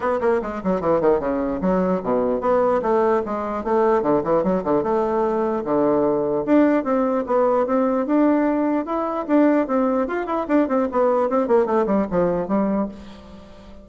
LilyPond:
\new Staff \with { instrumentName = "bassoon" } { \time 4/4 \tempo 4 = 149 b8 ais8 gis8 fis8 e8 dis8 cis4 | fis4 b,4 b4 a4 | gis4 a4 d8 e8 fis8 d8 | a2 d2 |
d'4 c'4 b4 c'4 | d'2 e'4 d'4 | c'4 f'8 e'8 d'8 c'8 b4 | c'8 ais8 a8 g8 f4 g4 | }